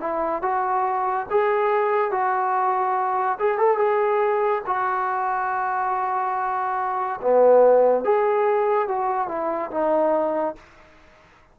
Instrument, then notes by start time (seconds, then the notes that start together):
trombone
0.00 E4
0.41 F#4
1.30 G#4
2.11 F#4
3.39 G#4
3.58 A4
3.77 G#4
4.66 F#4
7.21 B3
8.04 G#4
8.88 F#4
9.28 E4
9.70 D#4